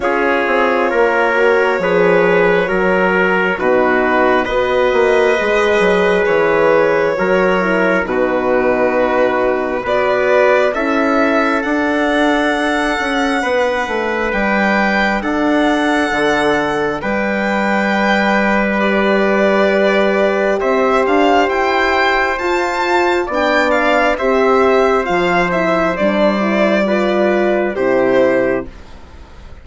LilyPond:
<<
  \new Staff \with { instrumentName = "violin" } { \time 4/4 \tempo 4 = 67 cis''1 | b'4 dis''2 cis''4~ | cis''4 b'2 d''4 | e''4 fis''2. |
g''4 fis''2 g''4~ | g''4 d''2 e''8 f''8 | g''4 a''4 g''8 f''8 e''4 | f''8 e''8 d''2 c''4 | }
  \new Staff \with { instrumentName = "trumpet" } { \time 4/4 gis'4 ais'4 b'4 ais'4 | fis'4 b'2. | ais'4 fis'2 b'4 | a'2. b'4~ |
b'4 a'2 b'4~ | b'2. c''4~ | c''2 d''4 c''4~ | c''2 b'4 g'4 | }
  \new Staff \with { instrumentName = "horn" } { \time 4/4 f'4. fis'8 gis'4 fis'4 | dis'4 fis'4 gis'2 | fis'8 e'8 dis'2 fis'4 | e'4 d'2.~ |
d'1~ | d'4 g'2.~ | g'4 f'4 d'4 g'4 | f'8 e'8 d'8 e'8 f'4 e'4 | }
  \new Staff \with { instrumentName = "bassoon" } { \time 4/4 cis'8 c'8 ais4 f4 fis4 | b,4 b8 ais8 gis8 fis8 e4 | fis4 b,2 b4 | cis'4 d'4. cis'8 b8 a8 |
g4 d'4 d4 g4~ | g2. c'8 d'8 | e'4 f'4 b4 c'4 | f4 g2 c4 | }
>>